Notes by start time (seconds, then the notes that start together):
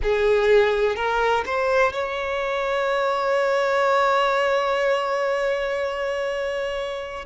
0.02 G#4
0.95 A#4
1.45 C5
1.93 C#5